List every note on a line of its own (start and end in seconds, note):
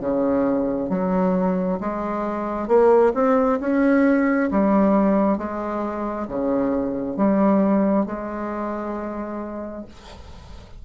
0.00 0.89 C#3
0.89 1.79 F#3
1.80 2.67 G#3
2.67 3.12 A#3
3.14 3.59 C4
3.60 4.49 C#4
4.51 5.37 G3
5.37 6.27 G#3
6.27 7.16 C#3
7.16 8.06 G3
8.06 9.85 G#3